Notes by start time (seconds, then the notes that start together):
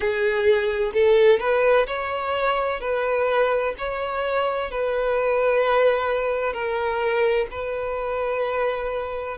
0.00 G#4
0.93 A4
1.39 B4
1.87 C#5
2.80 B4
3.78 C#5
4.70 B4
6.53 A#4
7.50 B4